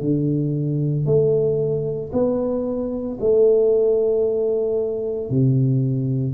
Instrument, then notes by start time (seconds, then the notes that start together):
tuba
0.00 D3
1.05 A3
2.12 B3
3.20 A3
5.29 C3